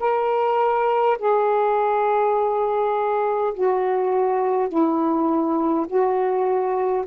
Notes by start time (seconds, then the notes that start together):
0.00 A#4
1.18 G#4
3.54 F#4
4.68 E4
5.87 F#4